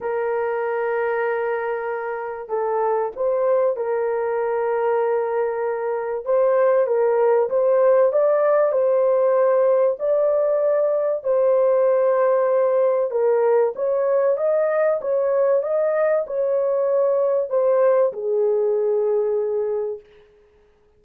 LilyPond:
\new Staff \with { instrumentName = "horn" } { \time 4/4 \tempo 4 = 96 ais'1 | a'4 c''4 ais'2~ | ais'2 c''4 ais'4 | c''4 d''4 c''2 |
d''2 c''2~ | c''4 ais'4 cis''4 dis''4 | cis''4 dis''4 cis''2 | c''4 gis'2. | }